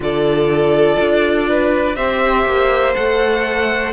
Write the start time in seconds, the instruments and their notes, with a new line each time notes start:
0.00 cello D3, viola F4, violin A4 D5
0.99 cello D4
1.48 violin B4
1.96 cello C4, viola G4, violin C5 E5
2.45 cello A#3
2.94 cello A3, viola A4, violin F#5